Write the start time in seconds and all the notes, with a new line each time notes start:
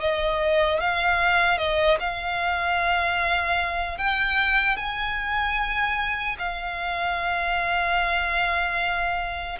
0.00 D#5
0.80 F5
1.57 D#5
2.00 F5
3.98 G5
4.77 G#5
6.38 F5